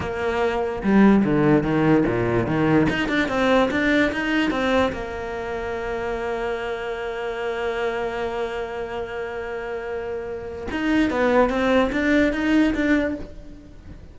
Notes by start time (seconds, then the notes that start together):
0.00 A#3
0.83 G3
1.24 D3
1.63 D#3
2.06 A#2
2.46 D#3
2.89 D#4
3.08 D4
3.28 C4
3.70 D4
4.12 D#4
4.51 C4
4.92 A#3
10.71 D#4
11.10 B3
11.49 C4
11.92 D4
12.33 D#4
12.74 D4